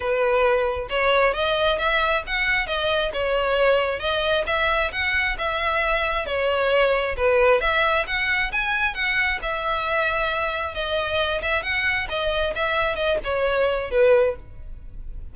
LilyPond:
\new Staff \with { instrumentName = "violin" } { \time 4/4 \tempo 4 = 134 b'2 cis''4 dis''4 | e''4 fis''4 dis''4 cis''4~ | cis''4 dis''4 e''4 fis''4 | e''2 cis''2 |
b'4 e''4 fis''4 gis''4 | fis''4 e''2. | dis''4. e''8 fis''4 dis''4 | e''4 dis''8 cis''4. b'4 | }